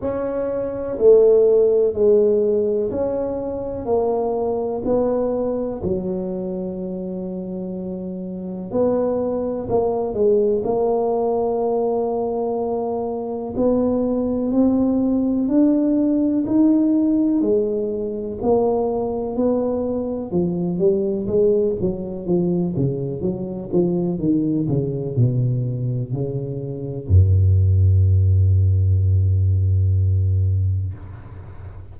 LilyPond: \new Staff \with { instrumentName = "tuba" } { \time 4/4 \tempo 4 = 62 cis'4 a4 gis4 cis'4 | ais4 b4 fis2~ | fis4 b4 ais8 gis8 ais4~ | ais2 b4 c'4 |
d'4 dis'4 gis4 ais4 | b4 f8 g8 gis8 fis8 f8 cis8 | fis8 f8 dis8 cis8 b,4 cis4 | fis,1 | }